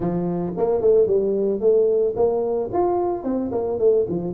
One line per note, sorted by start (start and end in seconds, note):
0.00 0.53 F3
0.57 0.81 A#3
0.81 1.06 A3
1.06 1.60 G3
1.60 2.14 A3
2.15 2.70 A#3
2.72 3.23 F4
3.23 3.50 C4
3.51 3.78 A#3
3.78 4.05 A3
4.08 4.33 F3